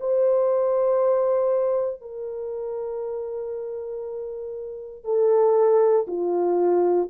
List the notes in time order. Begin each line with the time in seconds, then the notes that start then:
0.00 C5
2.01 A#4
5.04 A4
6.07 F4